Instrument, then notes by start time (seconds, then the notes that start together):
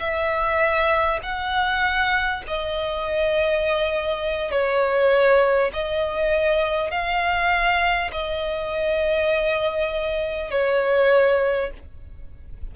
violin
0.00 E5
1.23 F#5
2.48 D#5
4.52 C#5
5.73 D#5
6.91 F5
8.12 D#5
10.51 C#5